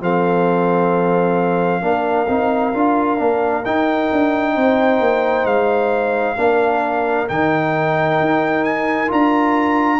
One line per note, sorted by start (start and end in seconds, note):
0.00 1.81 F3
0.00 1.81 C4
0.00 1.84 A4
0.00 3.65 F5
1.81 2.27 A#3
1.81 2.27 D4
1.81 4.54 A#4
2.28 2.74 C4
2.28 2.73 D#4
2.74 3.19 D4
2.74 3.18 F4
3.18 3.65 A#3
3.18 3.63 D4
3.65 4.11 D#4
3.65 6.37 D#4
3.65 5.46 G5
4.12 4.56 D4
4.54 5.00 C4
4.54 6.36 C5
5.00 5.45 A#3
5.45 6.36 G#3
5.45 7.27 F5
6.37 7.28 A#3
6.37 7.27 D4
6.37 10.00 A#4
7.28 8.20 D#3
7.28 9.07 D#4
7.28 8.64 G5
8.20 9.11 D#4
8.64 9.09 G#5
9.07 10.00 D4
9.07 9.98 F4
9.07 10.00 A#5